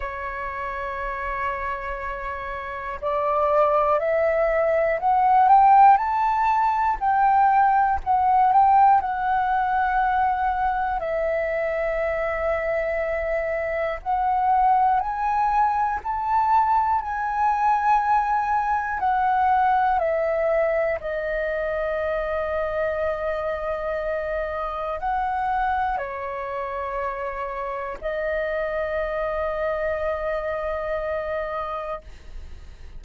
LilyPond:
\new Staff \with { instrumentName = "flute" } { \time 4/4 \tempo 4 = 60 cis''2. d''4 | e''4 fis''8 g''8 a''4 g''4 | fis''8 g''8 fis''2 e''4~ | e''2 fis''4 gis''4 |
a''4 gis''2 fis''4 | e''4 dis''2.~ | dis''4 fis''4 cis''2 | dis''1 | }